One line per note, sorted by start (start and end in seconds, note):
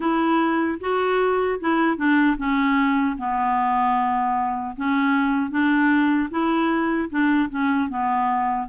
0.00 0.79 E4
0.80 1.59 F#4
1.60 1.97 E4
1.97 2.36 D4
2.37 3.16 C#4
3.18 4.75 B3
4.76 5.50 C#4
5.50 6.29 D4
6.30 7.09 E4
7.09 7.49 D4
7.49 7.89 C#4
7.89 8.68 B3